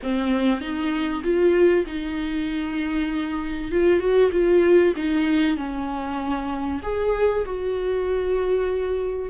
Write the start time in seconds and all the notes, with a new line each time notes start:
0.03 C4
0.60 D#4
1.23 F4
1.86 D#4
3.71 F4
3.99 F#4
4.32 F4
4.95 D#4
5.57 C#4
6.82 G#4
7.45 F#4